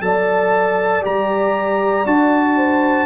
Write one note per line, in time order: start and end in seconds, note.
0.00 1.02 F#3
0.00 1.01 A4
0.00 2.56 D5
0.00 1.03 A5
1.01 2.05 G3
1.01 2.03 G4
1.01 2.06 A#5
2.05 3.06 D4
2.05 3.06 F#4
2.05 3.06 A5
2.56 3.06 C5